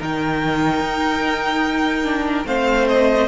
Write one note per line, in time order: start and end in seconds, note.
0.00 0.81 D#3
0.00 2.05 D#4
0.00 2.47 A#4
0.00 2.47 G5
0.81 2.45 D#4
2.05 2.46 D4
2.46 3.28 A3
2.46 3.28 C4
2.46 3.28 C5
2.46 2.88 F5
2.89 3.28 D#5